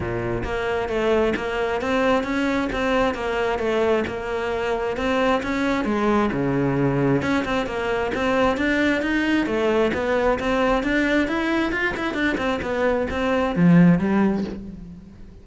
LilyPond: \new Staff \with { instrumentName = "cello" } { \time 4/4 \tempo 4 = 133 ais,4 ais4 a4 ais4 | c'4 cis'4 c'4 ais4 | a4 ais2 c'4 | cis'4 gis4 cis2 |
cis'8 c'8 ais4 c'4 d'4 | dis'4 a4 b4 c'4 | d'4 e'4 f'8 e'8 d'8 c'8 | b4 c'4 f4 g4 | }